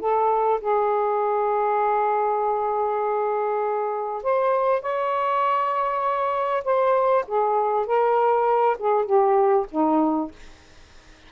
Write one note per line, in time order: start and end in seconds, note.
0.00 0.61 A4
0.61 4.23 G#4
4.23 4.82 C5
4.82 6.64 C#5
6.65 7.25 C5
7.28 7.87 G#4
7.87 8.78 A#4
8.79 9.06 G#4
9.06 9.66 G4
9.71 10.32 D#4